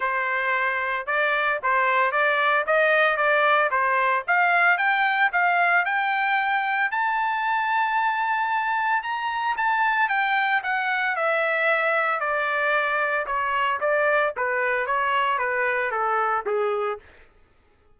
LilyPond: \new Staff \with { instrumentName = "trumpet" } { \time 4/4 \tempo 4 = 113 c''2 d''4 c''4 | d''4 dis''4 d''4 c''4 | f''4 g''4 f''4 g''4~ | g''4 a''2.~ |
a''4 ais''4 a''4 g''4 | fis''4 e''2 d''4~ | d''4 cis''4 d''4 b'4 | cis''4 b'4 a'4 gis'4 | }